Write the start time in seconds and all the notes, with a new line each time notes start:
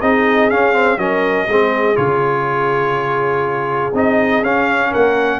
0.00 C4 D#4 G#4 D#5
0.50 C#4 F5
0.73 C4
0.98 F#3 C#4 A#4 D#5
1.48 G#3 C4 G#4
1.95 C#3 F4 C#5
3.93 C4 D#4 D#5
4.42 C#4 F5
4.90 A#3 A#4 F#5